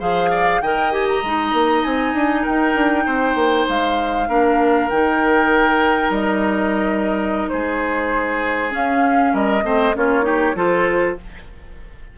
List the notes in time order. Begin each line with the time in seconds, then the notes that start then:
0.00 F3 G#4 C5 F5
0.31 D5
0.62 D#3 A#4 D#5 G5
0.92 G4 G#5
1.09 A#5
1.22 G#3 D#4
1.53 A#3
1.84 C4 G#5
2.14 D4
2.43 A#4 G5
2.49 D#4
2.76 D4
3.07 C4 C5
3.35 A#3
3.69 G#3 F5
4.29 A#3 D4 A#4
4.90 D#3 D#4 G5
6.10 G3 D#5
7.49 G#3 G#4 C5
8.71 C#4 F5
9.34 G3 A#4 D#5
9.63 A3 C4 C5
9.96 A#3 C#4 F4 C#5
10.23 D#4 G4
10.55 F3 F4 A4 C5